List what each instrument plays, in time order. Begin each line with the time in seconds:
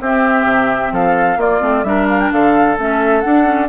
0.00 bassoon C4, clarinet C4, oboe G4, flute E5
0.44 bassoon C3
0.91 bassoon F3, oboe A4, flute F5
1.36 bassoon A#3, clarinet A#3, oboe F4, flute D5
1.60 bassoon A3, clarinet C4
1.83 bassoon G3, clarinet D4, oboe A#4, flute E5
2.09 flute F5
2.19 flute G5
2.31 bassoon D3, oboe A4, flute F5
2.77 bassoon A3, clarinet C#4, flute E5
3.20 clarinet D4, bassoon D4, flute F#5
3.44 clarinet C#4